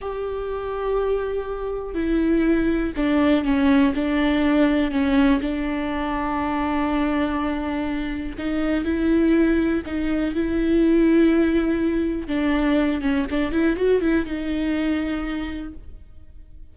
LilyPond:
\new Staff \with { instrumentName = "viola" } { \time 4/4 \tempo 4 = 122 g'1 | e'2 d'4 cis'4 | d'2 cis'4 d'4~ | d'1~ |
d'4 dis'4 e'2 | dis'4 e'2.~ | e'4 d'4. cis'8 d'8 e'8 | fis'8 e'8 dis'2. | }